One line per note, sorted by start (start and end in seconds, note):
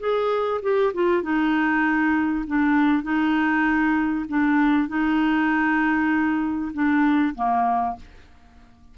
0.00 0.61 G#4
0.62 0.93 G4
0.94 1.23 F4
1.23 2.45 D#4
2.47 3.03 D4
3.03 4.26 D#4
4.29 4.88 D4
4.88 6.72 D#4
6.73 7.35 D4
7.35 7.96 A#3